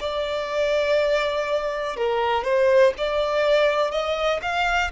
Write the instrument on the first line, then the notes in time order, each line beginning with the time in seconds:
violin
0.00 D5
1.96 A#4
2.44 C5
2.97 D5
3.91 D#5
4.42 F5